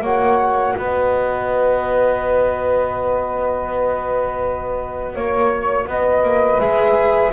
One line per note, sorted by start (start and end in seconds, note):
0.00 0.75 A#3
0.00 6.59 F#4
0.00 0.75 C#5
0.00 0.77 F#5
0.77 5.16 B3
0.77 5.15 B4
0.77 5.15 D#5
5.15 5.88 A#3
5.15 5.87 C#5
5.15 5.88 C#5
5.87 6.23 B3
5.87 7.33 B4
5.87 6.60 D#5
6.23 6.60 A#3
6.60 7.33 G#3
6.60 7.33 G#4
6.60 7.33 E5